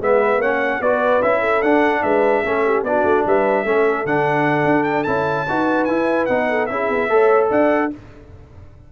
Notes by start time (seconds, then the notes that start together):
0.00 G#3 B3 B4 E5
0.38 A#3 C#4 C#5 F#5
0.81 B3 F#4 B4 D5
1.22 C#4 E4 E5
1.40 A4
1.62 D4 F#5
2.02 G#3 B4 E5
2.43 A3 C#4 A4
2.65 G4
2.83 B3 D4 F#4 D5
3.03 A3
3.25 G3 B4 E5
3.64 A3 C#4 A4
4.05 D3 D4 F#5
4.64 D4
4.83 G5
5.03 C#4 E4 A5
5.49 D#4 F#4 B4
5.84 E4 G#5
6.26 B3 D#4 F#5
6.49 A4
6.66 C#4 E4 G#4 E5
6.89 B3
7.09 A3 A4 C#5
7.49 D4 D5 F#5